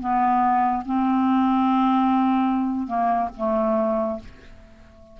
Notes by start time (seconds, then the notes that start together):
0.00 B3
0.86 C4
2.87 A#3
3.36 A3